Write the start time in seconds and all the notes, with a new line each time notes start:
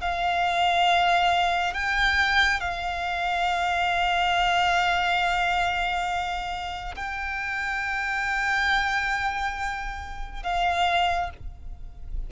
0.00 F5
1.74 G5
2.60 F5
6.95 G5
10.43 F5